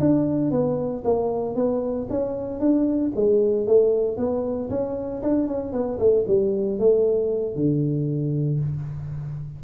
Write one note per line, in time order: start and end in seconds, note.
0.00 0.51 D4
0.51 1.03 B3
1.04 1.56 A#3
1.56 2.08 B3
2.10 2.60 C#4
2.60 3.12 D4
3.16 3.67 G#3
3.67 4.17 A3
4.17 4.70 B3
4.70 5.22 C#4
5.23 5.48 D4
5.48 5.73 C#4
5.73 5.99 B3
5.99 6.25 A3
6.28 6.79 G3
6.79 7.55 A3
7.55 8.60 D3